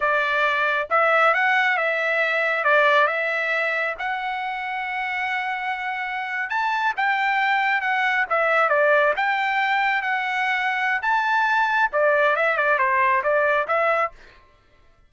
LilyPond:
\new Staff \with { instrumentName = "trumpet" } { \time 4/4 \tempo 4 = 136 d''2 e''4 fis''4 | e''2 d''4 e''4~ | e''4 fis''2.~ | fis''2~ fis''8. a''4 g''16~ |
g''4.~ g''16 fis''4 e''4 d''16~ | d''8. g''2 fis''4~ fis''16~ | fis''4 a''2 d''4 | e''8 d''8 c''4 d''4 e''4 | }